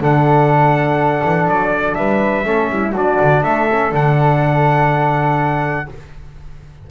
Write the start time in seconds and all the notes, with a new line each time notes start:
0.00 D3 D4 A4 F#5
1.24 E3
1.47 F#3 D5
1.95 G3 B4 E5
2.44 A3 C#4 A4
2.70 G3 E4
2.91 F#3 D4 F#4 D5
3.21 D3
3.43 A3 A4 E5
3.71 C#4
3.91 D3 D4 F#5